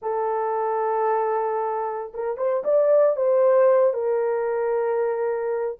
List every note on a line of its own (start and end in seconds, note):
0.01 2.12 A4
2.14 2.37 A#4
2.37 2.63 C5
2.64 3.16 D5
3.16 3.93 C5
3.93 5.78 A#4